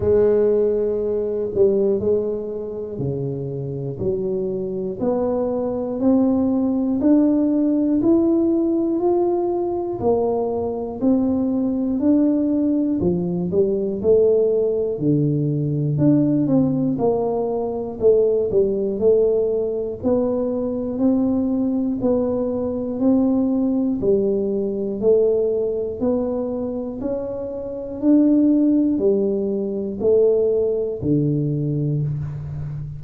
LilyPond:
\new Staff \with { instrumentName = "tuba" } { \time 4/4 \tempo 4 = 60 gis4. g8 gis4 cis4 | fis4 b4 c'4 d'4 | e'4 f'4 ais4 c'4 | d'4 f8 g8 a4 d4 |
d'8 c'8 ais4 a8 g8 a4 | b4 c'4 b4 c'4 | g4 a4 b4 cis'4 | d'4 g4 a4 d4 | }